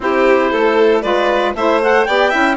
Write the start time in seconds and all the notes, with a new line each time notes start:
0.00 C4 E4 G4 C5
0.51 A3 A4
1.01 G#3 F4 B4 D5
1.55 A3 E4 C5 E5
1.81 A4 F#5
2.04 B3 G4 D5 G5
2.29 C#4 E4 E5